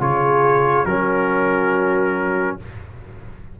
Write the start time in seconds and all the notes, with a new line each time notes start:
0.00 C#3 F4 G#4 C#5
0.85 F#3 C#4 F#4 A#4